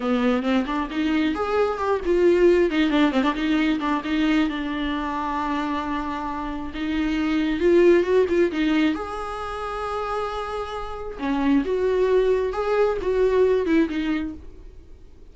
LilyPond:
\new Staff \with { instrumentName = "viola" } { \time 4/4 \tempo 4 = 134 b4 c'8 d'8 dis'4 gis'4 | g'8 f'4. dis'8 d'8 c'16 d'16 dis'8~ | dis'8 d'8 dis'4 d'2~ | d'2. dis'4~ |
dis'4 f'4 fis'8 f'8 dis'4 | gis'1~ | gis'4 cis'4 fis'2 | gis'4 fis'4. e'8 dis'4 | }